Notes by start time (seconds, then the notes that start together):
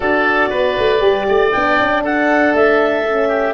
0.00 D4 F#4 A4 D5
0.49 B3 B4
0.77 A3
1.00 G3 G4
1.28 A3 D5
1.51 B3 D4 G5
1.80 C#4
2.02 D4 A4 F#5
2.54 A3 E5
3.08 C#4
3.28 G4